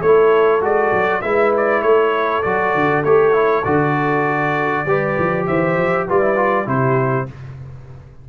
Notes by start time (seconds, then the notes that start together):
0.00 A3 E4 A4 C#5
0.61 G#3 F#4 D5
0.93 F#3
1.22 G#3 E4 B4 E5
1.57 D5
1.82 A3 A4 C#5
2.43 F#3 F#4 D5
2.75 D3
3.04 A3 G4 C#5
3.33 E4
3.64 D3 F#4 D5
4.86 G3 G4 B4
5.18 F3
5.47 E3 C5 E5
5.77 F3
6.06 G3 F4 B4 D5
6.22 E4
6.36 F4
6.65 C3 E4 G4 C5